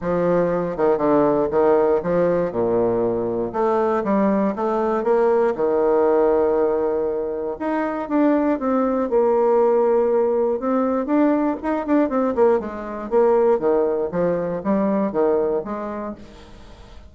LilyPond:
\new Staff \with { instrumentName = "bassoon" } { \time 4/4 \tempo 4 = 119 f4. dis8 d4 dis4 | f4 ais,2 a4 | g4 a4 ais4 dis4~ | dis2. dis'4 |
d'4 c'4 ais2~ | ais4 c'4 d'4 dis'8 d'8 | c'8 ais8 gis4 ais4 dis4 | f4 g4 dis4 gis4 | }